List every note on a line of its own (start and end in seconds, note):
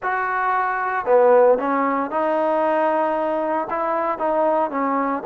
0.02 1.05 F#4
1.05 1.58 B3
1.58 2.10 C#4
2.10 3.68 D#4
3.69 4.18 E4
4.18 4.70 D#4
4.70 5.23 C#4